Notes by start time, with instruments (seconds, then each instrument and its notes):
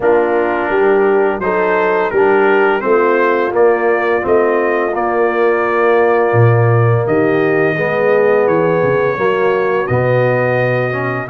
0.00 tuba A#3, trombone D4, horn F4, trumpet A#4
0.69 tuba G3, horn G4
1.39 tuba F#3, trombone D#4, horn A4, trumpet C5
2.10 tuba G3, horn G4, trumpet A#4
2.16 trombone D4
2.80 tuba A3, trombone C4, horn F4, trumpet C5
3.51 trombone A#3, tuba A#3, trumpet D5
4.21 tuba A3, trombone C4, trumpet D#5
4.93 trombone A#3, tuba A#3, trumpet D5
6.32 tuba A#2
7.06 tuba D#3, horn G4, trumpet D#5
7.74 tuba G#3, trombone B3, horn G#4
8.46 tuba E3, trumpet C#5
8.83 tuba C#3
9.17 tuba F#3, trombone A#3, horn F#4
9.86 tuba B2, trombone B3, trumpet D#5
10.91 trombone C#4